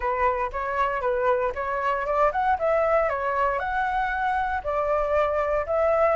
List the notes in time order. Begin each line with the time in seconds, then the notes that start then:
0.00 B4
0.52 C#5
1.01 B4
1.54 C#5
2.05 D5
2.32 F#5
2.58 E5
3.09 C#5
3.59 F#5
4.63 D5
5.66 E5